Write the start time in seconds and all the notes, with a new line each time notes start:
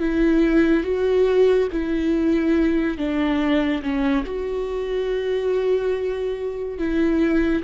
0.00 E4
0.84 F#4
1.72 E4
2.98 D4
3.83 C#4
4.25 F#4
6.79 E4